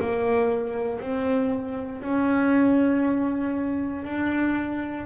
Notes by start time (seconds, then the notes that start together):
0.00 A#3
1.01 C4
2.02 C#4
4.04 D4